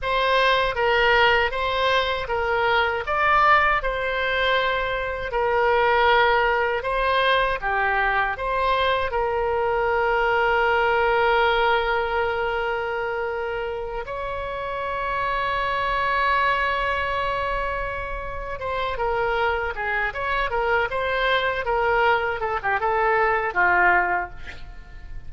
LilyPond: \new Staff \with { instrumentName = "oboe" } { \time 4/4 \tempo 4 = 79 c''4 ais'4 c''4 ais'4 | d''4 c''2 ais'4~ | ais'4 c''4 g'4 c''4 | ais'1~ |
ais'2~ ais'8 cis''4.~ | cis''1~ | cis''8 c''8 ais'4 gis'8 cis''8 ais'8 c''8~ | c''8 ais'4 a'16 g'16 a'4 f'4 | }